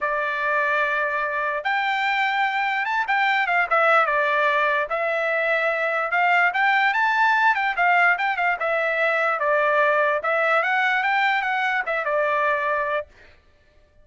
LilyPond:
\new Staff \with { instrumentName = "trumpet" } { \time 4/4 \tempo 4 = 147 d''1 | g''2. a''8 g''8~ | g''8 f''8 e''4 d''2 | e''2. f''4 |
g''4 a''4. g''8 f''4 | g''8 f''8 e''2 d''4~ | d''4 e''4 fis''4 g''4 | fis''4 e''8 d''2~ d''8 | }